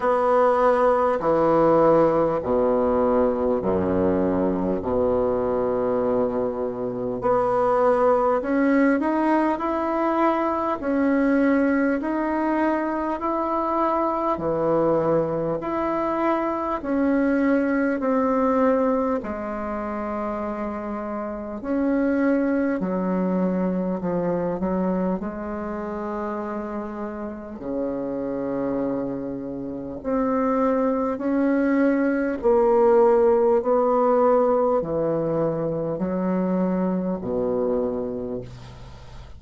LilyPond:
\new Staff \with { instrumentName = "bassoon" } { \time 4/4 \tempo 4 = 50 b4 e4 b,4 fis,4 | b,2 b4 cis'8 dis'8 | e'4 cis'4 dis'4 e'4 | e4 e'4 cis'4 c'4 |
gis2 cis'4 fis4 | f8 fis8 gis2 cis4~ | cis4 c'4 cis'4 ais4 | b4 e4 fis4 b,4 | }